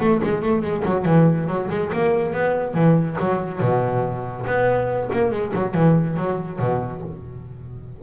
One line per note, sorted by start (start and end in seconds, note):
0.00 0.21 A3
0.23 0.42 G#3
0.42 0.62 A3
0.62 0.83 G#3
0.85 1.05 F#3
1.05 1.48 E3
1.48 1.69 F#3
1.70 1.91 G#3
1.93 2.33 A#3
2.33 2.74 B3
2.74 3.17 E3
3.20 3.60 F#3
3.60 4.45 B2
4.46 5.10 B3
5.13 5.31 A#3
5.31 5.52 G#3
5.54 5.74 F#3
5.74 6.17 E3
6.17 6.59 F#3
6.59 7.02 B2